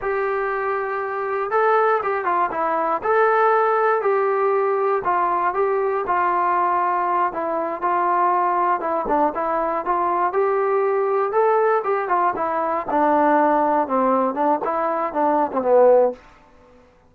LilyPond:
\new Staff \with { instrumentName = "trombone" } { \time 4/4 \tempo 4 = 119 g'2. a'4 | g'8 f'8 e'4 a'2 | g'2 f'4 g'4 | f'2~ f'8 e'4 f'8~ |
f'4. e'8 d'8 e'4 f'8~ | f'8 g'2 a'4 g'8 | f'8 e'4 d'2 c'8~ | c'8 d'8 e'4 d'8. c'16 b4 | }